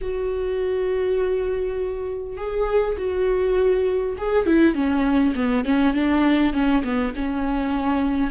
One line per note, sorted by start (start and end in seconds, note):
0.01 2.37 F#4
2.37 2.96 G#4
2.97 4.16 F#4
4.17 4.46 G#4
4.46 4.74 E4
4.74 5.34 C#4
5.35 5.64 B3
5.64 5.93 C#4
5.93 6.53 D4
6.53 6.83 C#4
6.83 7.13 B3
7.15 8.30 C#4